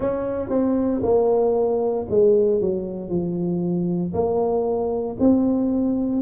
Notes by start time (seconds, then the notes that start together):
0.00 C#4
0.49 C4
1.03 A#3
2.10 G#3
2.61 F#3
3.09 F3
4.13 A#3
5.19 C4